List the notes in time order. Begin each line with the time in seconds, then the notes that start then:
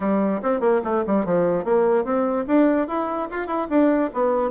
0.00 G3
0.42 C4
0.60 A#3
0.84 A3
1.06 G3
1.25 F3
1.64 A#3
2.04 C4
2.47 D4
2.87 E4
3.30 F4
3.47 E4
3.69 D4
4.13 B3